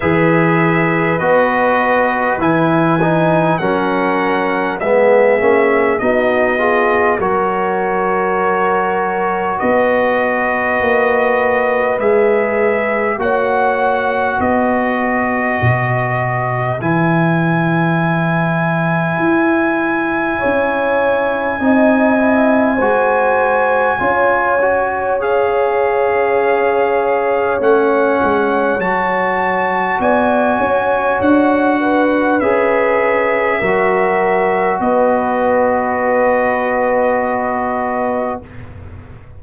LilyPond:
<<
  \new Staff \with { instrumentName = "trumpet" } { \time 4/4 \tempo 4 = 50 e''4 dis''4 gis''4 fis''4 | e''4 dis''4 cis''2 | dis''2 e''4 fis''4 | dis''2 gis''2~ |
gis''1~ | gis''4 f''2 fis''4 | a''4 gis''4 fis''4 e''4~ | e''4 dis''2. | }
  \new Staff \with { instrumentName = "horn" } { \time 4/4 b'2. ais'4 | gis'4 fis'8 gis'8 ais'2 | b'2. cis''4 | b'1~ |
b'4 cis''4 dis''4 c''4 | cis''1~ | cis''4 d''8 cis''4 b'4. | ais'4 b'2. | }
  \new Staff \with { instrumentName = "trombone" } { \time 4/4 gis'4 fis'4 e'8 dis'8 cis'4 | b8 cis'8 dis'8 f'8 fis'2~ | fis'2 gis'4 fis'4~ | fis'2 e'2~ |
e'2 dis'8 e'8 fis'4 | f'8 fis'8 gis'2 cis'4 | fis'2. gis'4 | fis'1 | }
  \new Staff \with { instrumentName = "tuba" } { \time 4/4 e4 b4 e4 fis4 | gis8 ais8 b4 fis2 | b4 ais4 gis4 ais4 | b4 b,4 e2 |
e'4 cis'4 c'4 gis4 | cis'2. a8 gis8 | fis4 b8 cis'8 d'4 cis'4 | fis4 b2. | }
>>